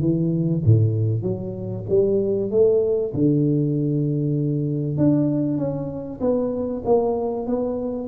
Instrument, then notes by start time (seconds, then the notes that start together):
tuba
0.00 E3
0.65 A2
1.22 F#3
1.89 G3
2.51 A3
3.14 D3
4.97 D4
5.58 C#4
6.21 B3
6.85 A#3
7.46 B3